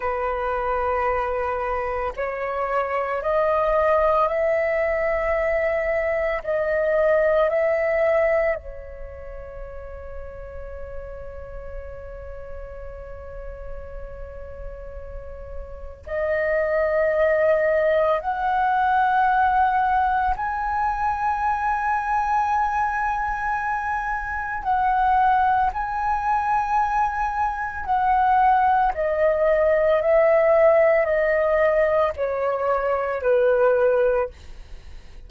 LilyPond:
\new Staff \with { instrumentName = "flute" } { \time 4/4 \tempo 4 = 56 b'2 cis''4 dis''4 | e''2 dis''4 e''4 | cis''1~ | cis''2. dis''4~ |
dis''4 fis''2 gis''4~ | gis''2. fis''4 | gis''2 fis''4 dis''4 | e''4 dis''4 cis''4 b'4 | }